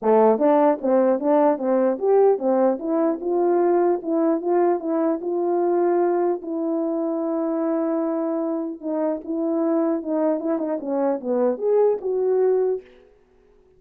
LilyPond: \new Staff \with { instrumentName = "horn" } { \time 4/4 \tempo 4 = 150 a4 d'4 c'4 d'4 | c'4 g'4 c'4 e'4 | f'2 e'4 f'4 | e'4 f'2. |
e'1~ | e'2 dis'4 e'4~ | e'4 dis'4 e'8 dis'8 cis'4 | b4 gis'4 fis'2 | }